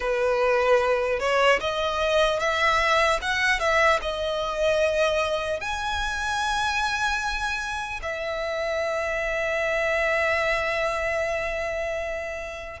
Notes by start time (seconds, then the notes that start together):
0.00 B4
1.19 C#5
1.60 D#5
2.39 E5
3.21 F#5
3.59 E5
4.01 D#5
5.60 G#5
8.02 E5